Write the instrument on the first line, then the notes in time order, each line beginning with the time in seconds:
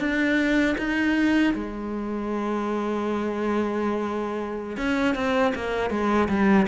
cello
0.00 D4
0.78 D#4
1.55 G#3
4.77 C#4
5.15 C4
5.55 A#3
5.90 G#3
6.29 G3